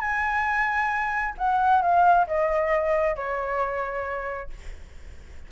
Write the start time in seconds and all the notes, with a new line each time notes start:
0.00 G#5
1.38 F#5
1.82 F5
2.27 D#5
3.15 C#5